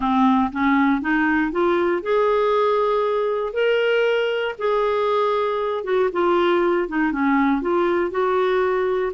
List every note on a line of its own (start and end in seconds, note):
0.00 0.50 C4
0.52 1.01 C#4
1.01 1.51 D#4
1.51 2.02 F4
2.02 3.53 G#4
3.53 4.55 A#4
4.58 5.84 G#4
5.84 6.09 F#4
6.12 6.88 F4
6.88 7.12 D#4
7.12 7.61 C#4
7.61 8.10 F4
8.10 9.12 F#4